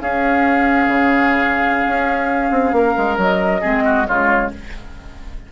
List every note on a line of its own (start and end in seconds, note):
0.00 0.87 C#4
0.00 3.62 C#4
0.00 2.75 G#4
0.00 3.18 F5
0.87 1.86 C#3
1.87 2.50 C#4
2.50 2.72 C4
2.72 2.94 A#3
2.72 3.61 A#4
2.97 3.17 G#3
3.17 3.61 F#3
3.17 4.07 D#5
3.61 4.08 G#3
3.61 4.05 C4
3.61 3.83 G#4
3.84 4.06 F#4
4.05 4.51 C#3
4.05 4.49 G#3
4.05 4.51 F4
4.05 4.50 C#5